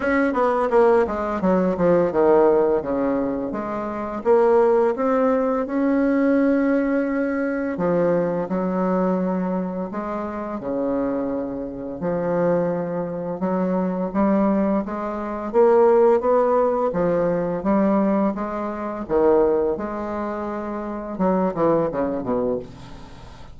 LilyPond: \new Staff \with { instrumentName = "bassoon" } { \time 4/4 \tempo 4 = 85 cis'8 b8 ais8 gis8 fis8 f8 dis4 | cis4 gis4 ais4 c'4 | cis'2. f4 | fis2 gis4 cis4~ |
cis4 f2 fis4 | g4 gis4 ais4 b4 | f4 g4 gis4 dis4 | gis2 fis8 e8 cis8 b,8 | }